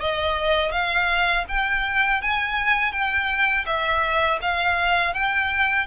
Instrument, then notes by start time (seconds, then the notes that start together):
violin
0.00 D#5
0.72 F5
1.48 G5
2.21 G#5
2.92 G5
3.66 E5
4.41 F5
5.13 G5